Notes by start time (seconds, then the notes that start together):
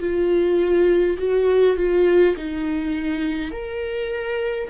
0.00 F4
1.18 F#4
1.76 F4
2.36 D#4
3.52 A#4